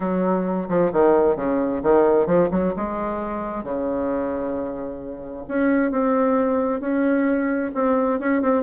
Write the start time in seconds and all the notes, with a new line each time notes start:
0.00 F#3
0.68 F3
0.92 D#3
1.36 C#3
1.83 D#3
2.26 F3
2.50 F#3
2.76 G#3
3.63 C#3
5.48 C#4
5.91 C4
6.80 C#4
7.74 C4
8.19 C#4
8.42 C4